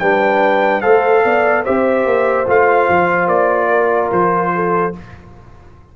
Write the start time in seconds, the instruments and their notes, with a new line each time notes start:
0.00 tuba G3, trombone D4, horn B4, trumpet G5
0.82 tuba A3, trombone A4, horn C5, trumpet F5
1.25 tuba B3, horn D5
1.65 tuba C4, trombone G4, horn C5, trumpet E5
2.06 tuba A#3
2.47 tuba A3, trombone F4, trumpet F5
2.89 tuba F3
3.27 tuba A#3, trumpet D5
3.70 horn A#4
4.12 tuba F3, trumpet C5
4.55 horn A4